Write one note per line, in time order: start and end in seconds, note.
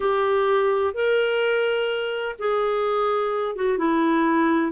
0.00 0.93 G4
0.94 2.35 A#4
2.39 3.55 G#4
3.55 3.78 F#4
3.78 4.72 E4